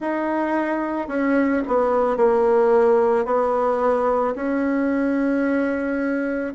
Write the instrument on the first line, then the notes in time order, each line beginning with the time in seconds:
bassoon
0.00 D#4
1.08 C#4
1.67 B3
2.16 A#3
3.25 B3
4.35 C#4